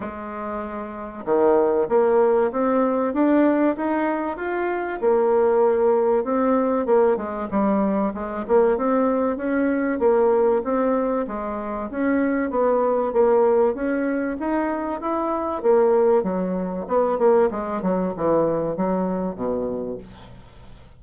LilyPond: \new Staff \with { instrumentName = "bassoon" } { \time 4/4 \tempo 4 = 96 gis2 dis4 ais4 | c'4 d'4 dis'4 f'4 | ais2 c'4 ais8 gis8 | g4 gis8 ais8 c'4 cis'4 |
ais4 c'4 gis4 cis'4 | b4 ais4 cis'4 dis'4 | e'4 ais4 fis4 b8 ais8 | gis8 fis8 e4 fis4 b,4 | }